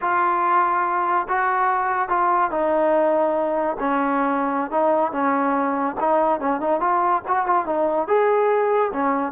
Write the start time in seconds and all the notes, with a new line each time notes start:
0.01 F4
1.28 F#4
2.08 F4
2.50 D#4
3.79 C#4
4.70 D#4
5.12 C#4
6.00 D#4
6.39 C#4
6.60 D#4
6.80 F4
7.27 F#4
7.46 F4
7.66 D#4
8.07 G#4
8.92 C#4